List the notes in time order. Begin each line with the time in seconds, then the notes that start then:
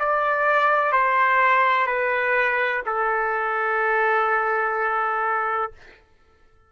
0.00 D5
0.93 C5
1.87 B4
2.86 A4